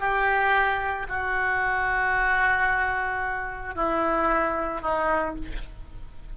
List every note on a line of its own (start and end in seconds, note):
0.00 1.07 G4
1.09 3.75 F#4
3.75 4.82 E4
4.82 5.35 D#4